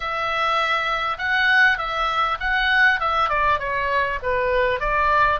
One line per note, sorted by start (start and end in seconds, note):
0.00 1.17 E5
1.18 1.78 F#5
1.78 2.38 E5
2.40 3.00 F#5
3.00 3.29 E5
3.29 3.59 D5
3.59 4.19 C#5
4.22 4.80 B4
4.80 5.40 D5